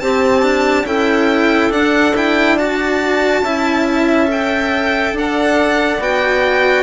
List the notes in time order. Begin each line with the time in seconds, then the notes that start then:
0.00 C4 G4 A5
0.42 D4
0.84 C#4 E4 A4 G5
1.71 D4 F#5
2.16 E4 G5
2.55 F#4 D5 A5
3.42 C#4 E4 E5
4.27 A4 G5
5.13 D4 D5 F#5
5.99 B3 F#4 G5